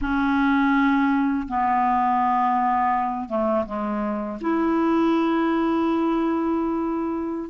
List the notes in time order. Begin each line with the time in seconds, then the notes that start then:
0.01 C#4
1.47 B3
3.28 A3
3.66 G#3
4.41 E4